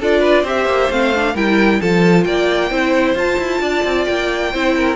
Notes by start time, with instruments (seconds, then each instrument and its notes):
0.00 cello D4, viola F4, violin A4 D5
0.20 violin B4
0.43 cello C4, viola G4, violin C5 E5
0.66 cello A#3
0.90 cello A3, viola C4, violin F5
1.14 viola D4
1.34 cello G3, viola E4, violin A#4 G5
1.81 cello F3, viola F4, violin A4 A5
2.24 cello A#3, violin D5 G5
2.71 cello C4, viola E4, violin C5
3.15 cello F4, viola F4, violin A5
3.38 cello E4
3.61 cello D4, violin D5
3.84 cello C4
4.05 cello A#3, violin G5
4.52 cello C4, viola E4, violin C5
4.76 violin A#4